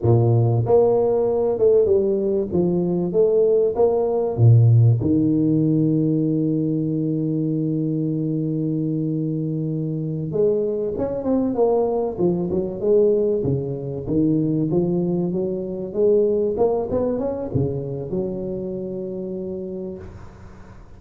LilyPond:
\new Staff \with { instrumentName = "tuba" } { \time 4/4 \tempo 4 = 96 ais,4 ais4. a8 g4 | f4 a4 ais4 ais,4 | dis1~ | dis1~ |
dis8 gis4 cis'8 c'8 ais4 f8 | fis8 gis4 cis4 dis4 f8~ | f8 fis4 gis4 ais8 b8 cis'8 | cis4 fis2. | }